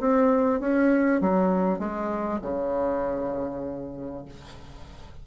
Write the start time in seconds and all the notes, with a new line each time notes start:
0.00 C4
0.60 C#4
1.21 F#3
1.79 G#3
2.42 C#3